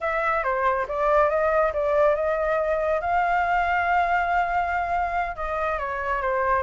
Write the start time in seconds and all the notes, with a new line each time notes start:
0.00 E5
0.43 C5
0.87 D5
1.29 D#5
1.73 D5
2.15 D#5
3.00 F5
5.36 D#5
5.78 C#5
6.21 C5